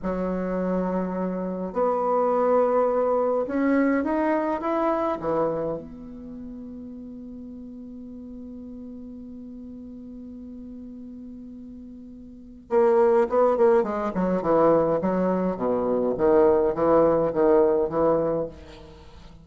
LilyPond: \new Staff \with { instrumentName = "bassoon" } { \time 4/4 \tempo 4 = 104 fis2. b4~ | b2 cis'4 dis'4 | e'4 e4 b2~ | b1~ |
b1~ | b2 ais4 b8 ais8 | gis8 fis8 e4 fis4 b,4 | dis4 e4 dis4 e4 | }